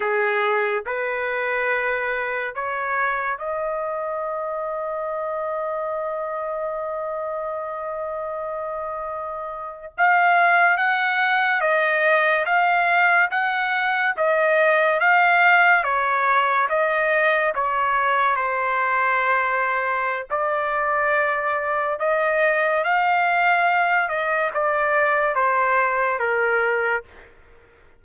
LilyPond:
\new Staff \with { instrumentName = "trumpet" } { \time 4/4 \tempo 4 = 71 gis'4 b'2 cis''4 | dis''1~ | dis''2.~ dis''8. f''16~ | f''8. fis''4 dis''4 f''4 fis''16~ |
fis''8. dis''4 f''4 cis''4 dis''16~ | dis''8. cis''4 c''2~ c''16 | d''2 dis''4 f''4~ | f''8 dis''8 d''4 c''4 ais'4 | }